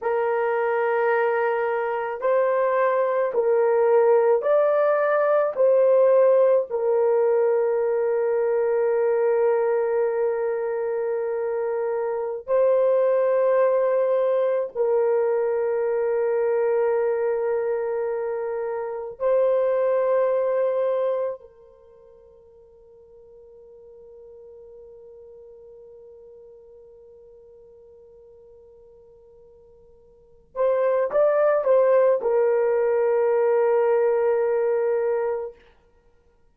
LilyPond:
\new Staff \with { instrumentName = "horn" } { \time 4/4 \tempo 4 = 54 ais'2 c''4 ais'4 | d''4 c''4 ais'2~ | ais'2.~ ais'16 c''8.~ | c''4~ c''16 ais'2~ ais'8.~ |
ais'4~ ais'16 c''2 ais'8.~ | ais'1~ | ais'2.~ ais'8 c''8 | d''8 c''8 ais'2. | }